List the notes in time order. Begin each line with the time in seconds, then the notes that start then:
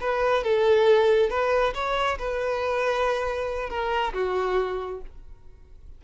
0.00 B4
0.43 A4
1.30 B4
1.74 C#5
2.18 B4
3.69 A#4
4.13 F#4